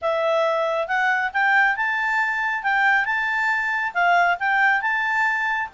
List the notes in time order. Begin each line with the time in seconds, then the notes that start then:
0.01 E5
0.87 F#5
1.33 G5
1.76 A5
2.63 G5
3.05 A5
3.93 F5
4.39 G5
4.81 A5